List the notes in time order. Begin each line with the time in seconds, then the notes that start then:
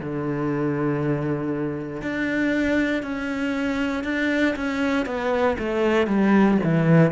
0.00 D3
2.02 D4
3.03 C#4
4.04 D4
4.56 C#4
5.06 B3
5.59 A3
6.07 G3
6.64 E3